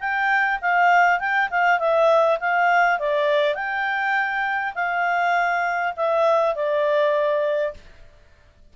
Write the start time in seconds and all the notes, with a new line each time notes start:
0.00 G5
0.61 F5
1.20 G5
1.50 F5
1.79 E5
2.40 F5
2.99 D5
3.55 G5
4.75 F5
5.96 E5
6.55 D5